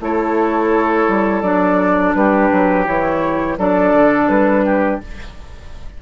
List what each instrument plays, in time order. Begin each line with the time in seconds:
0.00 bassoon A3, clarinet E4, oboe A4, flute C#5
1.08 bassoon G3
1.42 bassoon F#3, clarinet D4, flute D5
2.14 bassoon G3, oboe G4, flute B4
2.51 bassoon F#3
2.85 bassoon E3, clarinet E4, flute C#5
3.58 bassoon F#3, clarinet D4, oboe A4, flute D5
3.93 bassoon D3
4.28 bassoon G3, flute B4
4.65 oboe G4